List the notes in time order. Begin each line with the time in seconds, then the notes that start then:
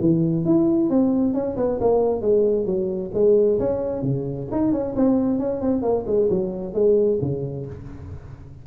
0.00 E3
0.44 E4
0.90 C4
1.33 C#4
1.56 B3
1.80 A#3
2.21 G#3
2.66 F#3
3.14 G#3
3.59 C#4
4.02 C#3
4.51 D#4
4.72 C#4
4.95 C4
5.38 C#4
5.61 C4
5.82 A#3
6.06 G#3
6.30 F#3
6.74 G#3
7.21 C#3